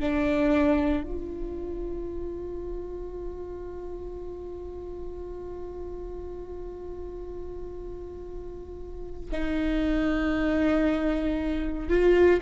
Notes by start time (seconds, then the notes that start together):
0.00 D4
1.03 F4
9.31 D#4
11.89 F4